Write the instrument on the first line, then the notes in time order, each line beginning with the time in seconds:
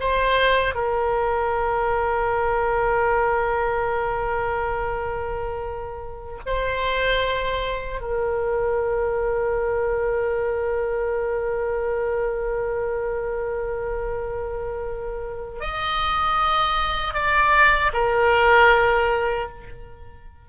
oboe
0.00 C5
0.74 A#4
6.46 C5
8.00 A#4
15.60 D#5
17.14 D5
17.93 A#4